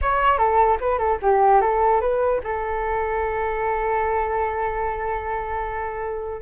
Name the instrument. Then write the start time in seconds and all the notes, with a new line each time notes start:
flute
0.01 C#5
0.38 A4
0.80 B4
0.98 A4
1.22 G4
1.61 A4
2.01 B4
2.43 A4